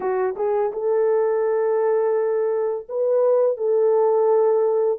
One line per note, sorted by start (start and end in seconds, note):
0.00 0.35 F#4
0.36 0.71 G#4
0.72 2.86 A4
2.88 3.57 B4
3.57 4.99 A4